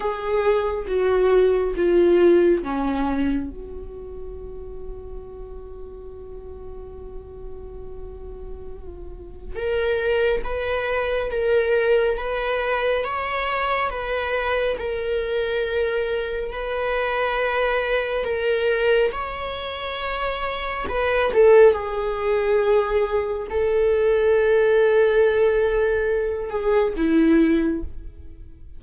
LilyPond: \new Staff \with { instrumentName = "viola" } { \time 4/4 \tempo 4 = 69 gis'4 fis'4 f'4 cis'4 | fis'1~ | fis'2. ais'4 | b'4 ais'4 b'4 cis''4 |
b'4 ais'2 b'4~ | b'4 ais'4 cis''2 | b'8 a'8 gis'2 a'4~ | a'2~ a'8 gis'8 e'4 | }